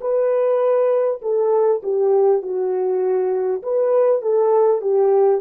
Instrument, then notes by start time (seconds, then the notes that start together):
horn
0.00 B4
1.22 A4
1.83 G4
2.42 F#4
3.62 B4
4.22 A4
4.81 G4